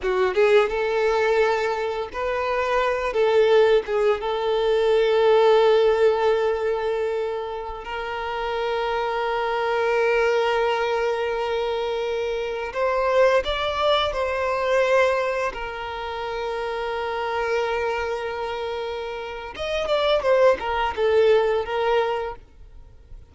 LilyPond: \new Staff \with { instrumentName = "violin" } { \time 4/4 \tempo 4 = 86 fis'8 gis'8 a'2 b'4~ | b'8 a'4 gis'8 a'2~ | a'2.~ a'16 ais'8.~ | ais'1~ |
ais'2~ ais'16 c''4 d''8.~ | d''16 c''2 ais'4.~ ais'16~ | ais'1 | dis''8 d''8 c''8 ais'8 a'4 ais'4 | }